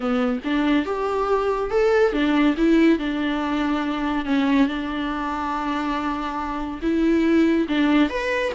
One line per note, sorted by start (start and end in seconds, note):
0.00 0.39 B3
0.44 0.85 D4
0.85 1.70 G4
1.70 2.12 A4
2.12 2.55 D4
2.57 2.98 E4
2.98 4.25 D4
4.25 4.67 C#4
4.67 6.80 D4
6.82 7.67 E4
7.68 8.09 D4
8.09 8.52 B4